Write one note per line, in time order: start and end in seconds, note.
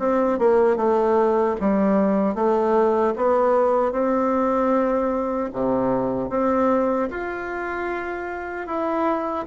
0.00 0.39 C4
0.39 0.77 A#3
0.77 1.56 A3
1.61 2.35 G3
2.35 3.14 A3
3.17 3.92 B3
3.92 5.50 C4
5.53 6.30 C3
6.30 7.09 C4
7.11 8.67 F4
8.67 9.46 E4